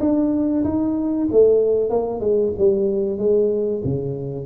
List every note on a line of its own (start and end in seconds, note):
0.00 0.64 D4
0.64 1.28 D#4
1.32 1.90 A3
1.90 2.20 A#3
2.20 2.52 G#3
2.58 3.19 G3
3.19 3.82 G#3
3.84 4.46 C#3